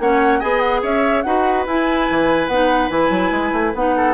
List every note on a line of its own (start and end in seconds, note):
0.00 0.42 A#3
0.00 0.42 C#4
0.00 0.40 C#5
0.00 0.41 F#5
0.40 0.83 B3
0.40 1.25 G#4
0.40 0.81 D#5
0.40 0.60 G#5
0.60 0.81 F#5
0.82 1.25 C#4
0.82 1.24 C#5
0.82 1.23 E5
1.23 1.67 D#4
1.23 1.67 F#4
1.23 3.97 B4
1.23 1.64 F#5
1.67 2.09 E4
1.67 2.52 E4
1.67 2.48 G#5
2.11 2.48 E3
2.48 2.90 B3
2.48 2.91 D#4
2.48 2.89 F#5
2.91 3.11 E3
2.91 3.74 E4
2.91 3.74 G#5
3.11 3.31 F#3
3.31 3.52 G#3
3.53 3.73 A3
3.74 4.14 B3
3.74 4.14 D#4
3.74 4.14 F#5
3.97 4.14 A4